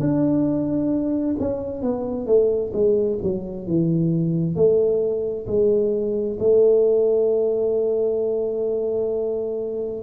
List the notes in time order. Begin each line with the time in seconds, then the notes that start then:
0.00 D4
1.40 C#4
1.82 B3
2.26 A3
2.74 G#3
3.23 F#3
3.67 E3
4.56 A3
5.47 G#3
6.40 A3